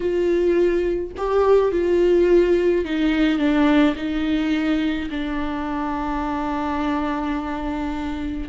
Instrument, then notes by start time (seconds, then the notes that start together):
viola
0.00 F4
1.17 G4
1.71 F4
2.84 D#4
3.38 D4
3.96 D#4
5.10 D4